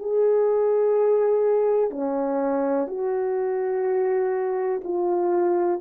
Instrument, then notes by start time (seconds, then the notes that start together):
horn
0.00 G#4
1.91 C#4
2.88 F#4
4.85 F4